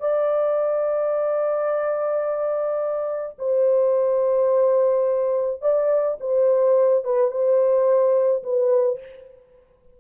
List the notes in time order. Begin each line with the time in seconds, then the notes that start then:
0.00 D5
3.39 C5
5.62 D5
6.20 C5
7.05 B4
7.31 C5
8.43 B4